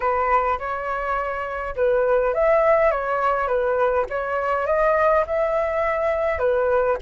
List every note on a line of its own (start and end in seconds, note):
0.00 0.58 B4
0.59 1.75 C#5
1.76 2.34 B4
2.34 2.91 E5
2.91 3.47 C#5
3.47 4.05 B4
4.09 4.66 C#5
4.66 5.24 D#5
5.27 6.39 E5
6.39 6.97 B4